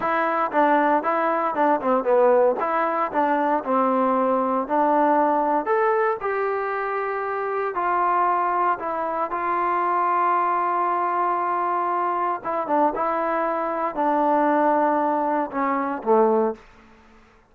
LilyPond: \new Staff \with { instrumentName = "trombone" } { \time 4/4 \tempo 4 = 116 e'4 d'4 e'4 d'8 c'8 | b4 e'4 d'4 c'4~ | c'4 d'2 a'4 | g'2. f'4~ |
f'4 e'4 f'2~ | f'1 | e'8 d'8 e'2 d'4~ | d'2 cis'4 a4 | }